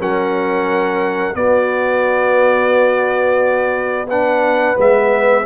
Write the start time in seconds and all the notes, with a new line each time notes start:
0.00 F#3 C#4 A#4 F#5
1.34 B3 F#4 D5
4.08 D4 B4 F#5
4.77 G#3 B3 E5